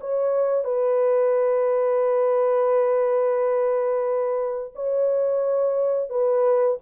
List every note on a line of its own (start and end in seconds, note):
0.00 0.64 C#5
0.64 4.73 B4
4.75 6.09 C#5
6.09 6.77 B4